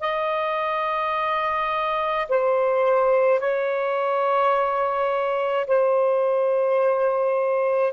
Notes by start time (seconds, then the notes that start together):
0.00 D#5
2.28 C5
3.39 C#5
5.67 C5